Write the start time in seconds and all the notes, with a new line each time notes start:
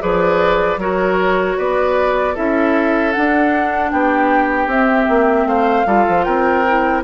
0.00 F3 G#4 B4 D5
0.77 F#3 F#4 A#4 C#5
1.58 B3 B4 D5
2.34 C#4 E4 A4 E5
3.12 D4 F#5
3.91 B3 G4 G5
4.67 C4 E5
5.09 A#3
5.46 A3 C5 F5
5.86 G3 F4 A4
6.09 F3
6.24 C4 A#4 G5
6.67 E4